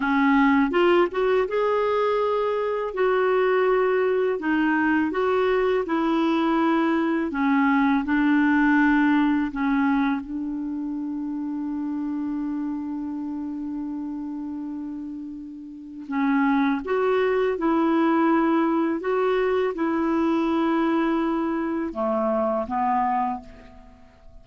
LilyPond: \new Staff \with { instrumentName = "clarinet" } { \time 4/4 \tempo 4 = 82 cis'4 f'8 fis'8 gis'2 | fis'2 dis'4 fis'4 | e'2 cis'4 d'4~ | d'4 cis'4 d'2~ |
d'1~ | d'2 cis'4 fis'4 | e'2 fis'4 e'4~ | e'2 a4 b4 | }